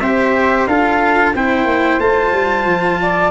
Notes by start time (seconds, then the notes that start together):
0.00 C4 G4 C5 E5
0.67 D4 F4 A4 F5
1.34 C4 E4 C5 G5
1.65 A#3
1.99 A3 F4 A5
2.33 G3
2.66 F3
3.02 D5